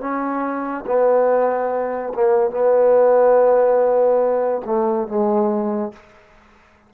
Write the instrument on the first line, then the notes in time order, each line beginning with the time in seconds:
trombone
0.00 C#4
0.86 B3
2.14 A#3
2.50 B3
4.66 A3
5.08 G#3